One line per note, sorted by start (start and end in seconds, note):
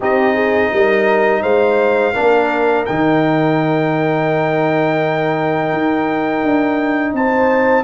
0.00 0.72 C4
0.00 2.14 D#4
0.00 0.34 G4
0.00 1.42 D#5
0.34 0.69 G#4
0.72 1.43 G3
0.72 1.42 A#4
1.42 2.14 G#3
1.42 2.13 C5
1.42 2.85 F5
2.13 2.88 A#3
2.13 2.85 D4
2.13 7.13 A#4
2.85 5.72 D#3
2.85 7.83 D#4
2.85 7.14 G5
5.72 6.43 D#4
6.43 7.13 D4
7.13 7.83 C4
7.13 7.83 C5
7.13 7.83 A5